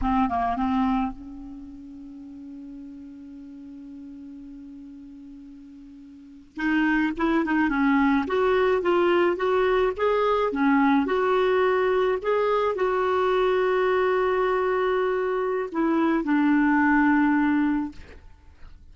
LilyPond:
\new Staff \with { instrumentName = "clarinet" } { \time 4/4 \tempo 4 = 107 c'8 ais8 c'4 cis'2~ | cis'1~ | cis'2.~ cis'8. dis'16~ | dis'8. e'8 dis'8 cis'4 fis'4 f'16~ |
f'8. fis'4 gis'4 cis'4 fis'16~ | fis'4.~ fis'16 gis'4 fis'4~ fis'16~ | fis'1 | e'4 d'2. | }